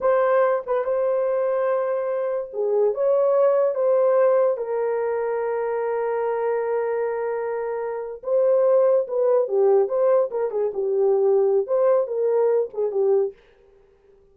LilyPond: \new Staff \with { instrumentName = "horn" } { \time 4/4 \tempo 4 = 144 c''4. b'8 c''2~ | c''2 gis'4 cis''4~ | cis''4 c''2 ais'4~ | ais'1~ |
ais'2.~ ais'8. c''16~ | c''4.~ c''16 b'4 g'4 c''16~ | c''8. ais'8 gis'8 g'2~ g'16 | c''4 ais'4. gis'8 g'4 | }